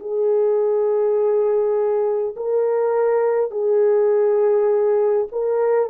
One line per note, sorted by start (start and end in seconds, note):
0.00 2.35 G#4
2.36 3.51 A#4
3.51 5.27 G#4
5.32 5.90 A#4